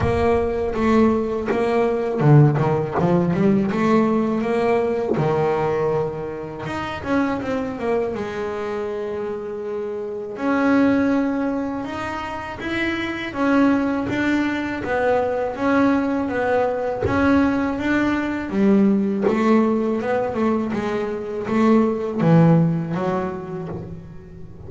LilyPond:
\new Staff \with { instrumentName = "double bass" } { \time 4/4 \tempo 4 = 81 ais4 a4 ais4 d8 dis8 | f8 g8 a4 ais4 dis4~ | dis4 dis'8 cis'8 c'8 ais8 gis4~ | gis2 cis'2 |
dis'4 e'4 cis'4 d'4 | b4 cis'4 b4 cis'4 | d'4 g4 a4 b8 a8 | gis4 a4 e4 fis4 | }